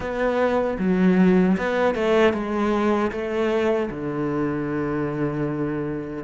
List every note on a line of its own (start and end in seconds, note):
0.00 0.77 B3
0.78 1.56 F#3
1.57 1.94 B3
1.94 2.33 A3
2.33 3.11 G#3
3.11 3.89 A3
3.90 6.23 D3